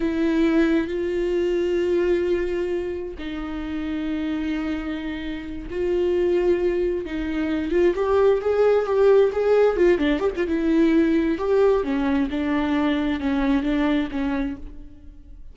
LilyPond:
\new Staff \with { instrumentName = "viola" } { \time 4/4 \tempo 4 = 132 e'2 f'2~ | f'2. dis'4~ | dis'1~ | dis'8 f'2. dis'8~ |
dis'4 f'8 g'4 gis'4 g'8~ | g'8 gis'4 f'8 d'8 g'16 f'16 e'4~ | e'4 g'4 cis'4 d'4~ | d'4 cis'4 d'4 cis'4 | }